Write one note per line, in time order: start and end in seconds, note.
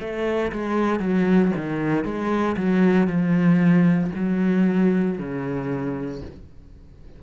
0.00 0.52 A3
0.52 1.00 G#3
1.00 1.51 F#3
1.56 2.05 D#3
2.05 2.56 G#3
2.57 3.08 F#3
3.08 4.11 F3
4.15 5.18 F#3
5.18 6.22 C#3